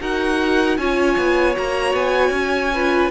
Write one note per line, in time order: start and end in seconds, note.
0.00 0.77 D#4
0.00 0.78 F#4
0.00 0.78 A#4
0.00 0.77 F#5
0.77 1.16 C#4
0.77 1.54 F4
0.77 2.74 C#5
0.77 1.55 G#5
1.17 1.56 B3
1.54 1.93 A#3
1.54 2.71 F#4
1.54 1.95 A#5
1.93 2.30 B3
1.93 3.11 G#5
2.30 3.08 C#4
2.74 3.11 F4
2.74 3.11 B4